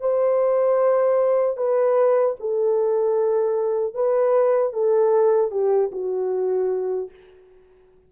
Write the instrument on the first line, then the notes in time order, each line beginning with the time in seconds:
horn
0.00 C5
1.57 B4
2.39 A4
3.94 B4
4.73 A4
5.51 G4
5.92 F#4